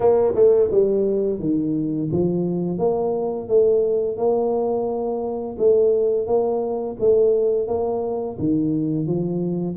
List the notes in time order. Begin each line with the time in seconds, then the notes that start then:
0.00 A#3
0.35 A3
0.71 G3
1.39 D#3
2.12 F3
2.78 A#3
3.48 A3
4.17 A#3
5.58 A3
6.26 A#3
6.99 A3
7.67 A#3
8.38 D#3
9.06 F3